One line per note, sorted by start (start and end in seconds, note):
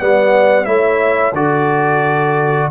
0.00 0.67 G3
0.00 0.65 B3
0.00 0.67 D5
0.00 0.65 F#5
0.65 1.33 A3
0.65 1.34 E4
0.65 1.36 C#5
0.65 1.34 E5
1.33 2.70 D3
1.33 2.71 F#4
1.33 2.71 A4
1.33 2.71 D5